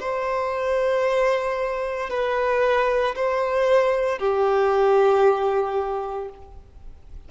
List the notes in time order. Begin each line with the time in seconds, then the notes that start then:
0.00 C5
2.10 B4
3.16 C5
4.19 G4